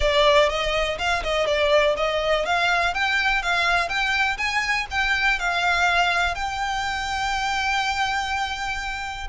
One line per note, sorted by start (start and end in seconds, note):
0.00 0.49 D5
0.49 0.98 D#5
0.98 1.22 F5
1.23 1.46 D#5
1.46 1.95 D5
1.96 2.45 D#5
2.45 2.94 F5
2.94 3.42 G5
3.42 3.88 F5
3.88 4.37 G5
4.37 4.86 G#5
4.90 5.39 G5
5.39 6.34 F5
6.34 9.27 G5